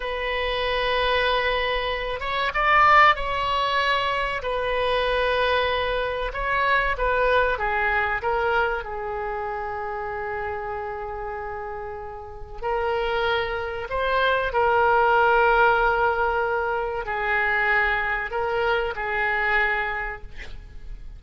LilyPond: \new Staff \with { instrumentName = "oboe" } { \time 4/4 \tempo 4 = 95 b'2.~ b'8 cis''8 | d''4 cis''2 b'4~ | b'2 cis''4 b'4 | gis'4 ais'4 gis'2~ |
gis'1 | ais'2 c''4 ais'4~ | ais'2. gis'4~ | gis'4 ais'4 gis'2 | }